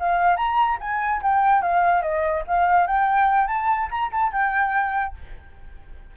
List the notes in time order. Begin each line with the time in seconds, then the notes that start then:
0.00 F5
0.37 A#5
0.81 G#5
1.23 G5
1.63 F5
2.03 D#5
2.48 F5
2.87 G5
3.48 A5
3.91 A#5
4.12 A5
4.33 G5